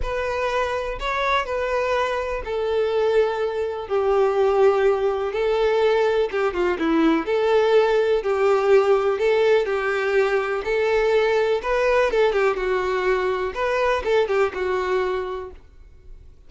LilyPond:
\new Staff \with { instrumentName = "violin" } { \time 4/4 \tempo 4 = 124 b'2 cis''4 b'4~ | b'4 a'2. | g'2. a'4~ | a'4 g'8 f'8 e'4 a'4~ |
a'4 g'2 a'4 | g'2 a'2 | b'4 a'8 g'8 fis'2 | b'4 a'8 g'8 fis'2 | }